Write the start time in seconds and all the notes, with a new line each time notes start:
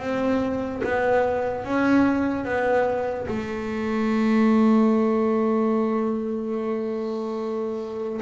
0.00 C4
0.84 B3
1.64 C#4
2.45 B3
3.28 A3